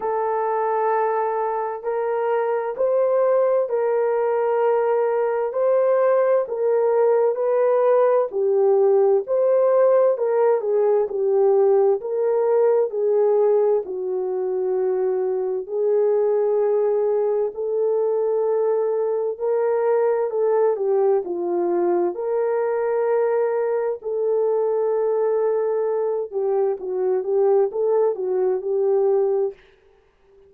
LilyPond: \new Staff \with { instrumentName = "horn" } { \time 4/4 \tempo 4 = 65 a'2 ais'4 c''4 | ais'2 c''4 ais'4 | b'4 g'4 c''4 ais'8 gis'8 | g'4 ais'4 gis'4 fis'4~ |
fis'4 gis'2 a'4~ | a'4 ais'4 a'8 g'8 f'4 | ais'2 a'2~ | a'8 g'8 fis'8 g'8 a'8 fis'8 g'4 | }